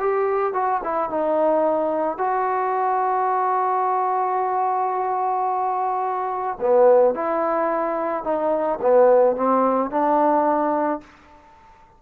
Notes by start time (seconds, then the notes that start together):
0.00 G4
0.54 F#4
0.84 E4
1.10 D#4
2.18 F#4
6.60 B3
7.15 E4
8.24 D#4
8.81 B3
9.36 C4
9.91 D4